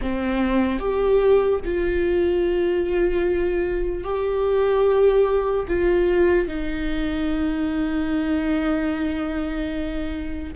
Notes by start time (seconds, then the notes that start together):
0.01 C4
0.79 G4
1.64 F4
4.04 G4
5.68 F4
6.47 D#4